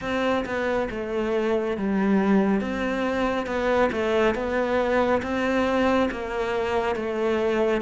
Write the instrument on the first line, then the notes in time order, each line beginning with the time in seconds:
cello
0.01 C4
0.45 B3
0.90 A3
1.77 G3
2.60 C4
3.46 B3
3.92 A3
4.34 B3
5.22 C4
6.11 A#3
6.95 A3